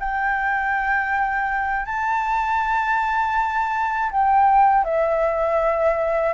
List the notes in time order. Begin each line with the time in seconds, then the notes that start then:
0.00 G5
1.85 A5
4.11 G5
4.84 E5